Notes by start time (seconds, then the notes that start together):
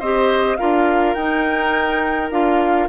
0.00 C4 G4 C5 D#5
0.57 D4 F4 A#4 F5
1.14 D#4 G5
2.31 D4 F4 F5